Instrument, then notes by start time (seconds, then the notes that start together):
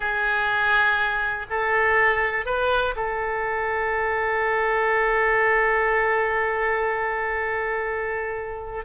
oboe
0.00 G#4
1.50 A4
2.45 B4
2.96 A4